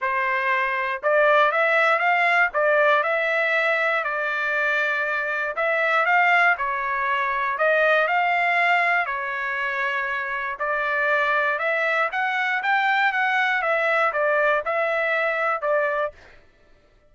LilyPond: \new Staff \with { instrumentName = "trumpet" } { \time 4/4 \tempo 4 = 119 c''2 d''4 e''4 | f''4 d''4 e''2 | d''2. e''4 | f''4 cis''2 dis''4 |
f''2 cis''2~ | cis''4 d''2 e''4 | fis''4 g''4 fis''4 e''4 | d''4 e''2 d''4 | }